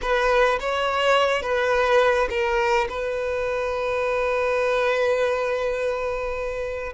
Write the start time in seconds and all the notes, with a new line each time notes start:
0.01 B4
0.60 C#5
1.41 B4
2.29 A#4
2.89 B4